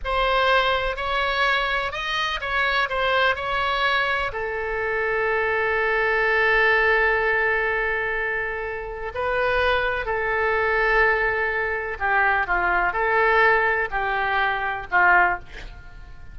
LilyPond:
\new Staff \with { instrumentName = "oboe" } { \time 4/4 \tempo 4 = 125 c''2 cis''2 | dis''4 cis''4 c''4 cis''4~ | cis''4 a'2.~ | a'1~ |
a'2. b'4~ | b'4 a'2.~ | a'4 g'4 f'4 a'4~ | a'4 g'2 f'4 | }